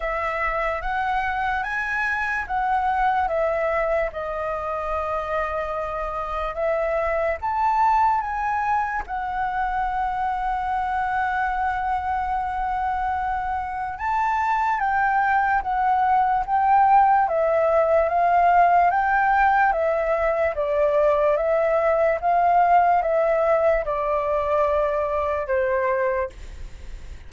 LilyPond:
\new Staff \with { instrumentName = "flute" } { \time 4/4 \tempo 4 = 73 e''4 fis''4 gis''4 fis''4 | e''4 dis''2. | e''4 a''4 gis''4 fis''4~ | fis''1~ |
fis''4 a''4 g''4 fis''4 | g''4 e''4 f''4 g''4 | e''4 d''4 e''4 f''4 | e''4 d''2 c''4 | }